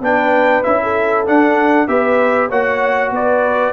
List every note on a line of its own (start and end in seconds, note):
0.00 0.62 B3
0.00 0.63 D4
0.00 0.81 B4
0.00 0.63 G5
0.63 1.27 C#4
0.63 1.25 E4
0.63 1.24 E5
0.83 1.87 A4
1.26 1.87 D4
1.26 1.88 D4
1.26 1.87 F#5
1.87 2.49 B3
1.87 2.49 G4
1.87 2.49 B4
1.87 2.49 E5
2.49 3.11 A#3
2.49 3.72 F#4
2.49 3.11 C#5
2.49 3.12 F#5
3.11 3.72 B3
3.11 3.72 B4
3.11 3.72 D5